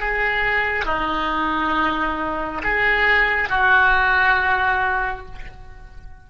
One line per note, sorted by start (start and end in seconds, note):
0.00 0.85 G#4
0.85 2.62 D#4
2.64 3.49 G#4
3.49 5.26 F#4